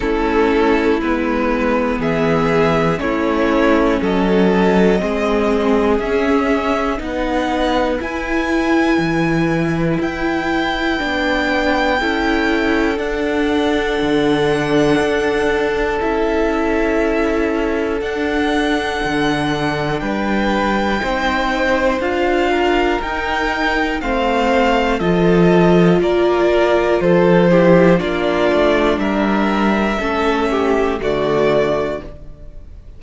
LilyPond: <<
  \new Staff \with { instrumentName = "violin" } { \time 4/4 \tempo 4 = 60 a'4 b'4 e''4 cis''4 | dis''2 e''4 fis''4 | gis''2 g''2~ | g''4 fis''2. |
e''2 fis''2 | g''2 f''4 g''4 | f''4 dis''4 d''4 c''4 | d''4 e''2 d''4 | }
  \new Staff \with { instrumentName = "violin" } { \time 4/4 e'2 gis'4 e'4 | a'4 gis'2 b'4~ | b'1 | a'1~ |
a'1 | b'4 c''4. ais'4. | c''4 a'4 ais'4 a'8 g'8 | f'4 ais'4 a'8 g'8 fis'4 | }
  \new Staff \with { instrumentName = "viola" } { \time 4/4 cis'4 b2 cis'4~ | cis'4 c'4 cis'4 dis'4 | e'2. d'4 | e'4 d'2. |
e'2 d'2~ | d'4 dis'4 f'4 dis'4 | c'4 f'2~ f'8 e'8 | d'2 cis'4 a4 | }
  \new Staff \with { instrumentName = "cello" } { \time 4/4 a4 gis4 e4 a4 | fis4 gis4 cis'4 b4 | e'4 e4 e'4 b4 | cis'4 d'4 d4 d'4 |
cis'2 d'4 d4 | g4 c'4 d'4 dis'4 | a4 f4 ais4 f4 | ais8 a8 g4 a4 d4 | }
>>